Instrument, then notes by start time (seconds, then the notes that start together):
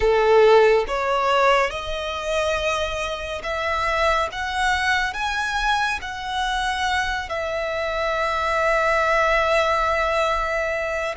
violin
0.00 A4
0.87 C#5
1.70 D#5
3.43 E5
4.32 F#5
5.14 G#5
6.01 F#5
7.29 E5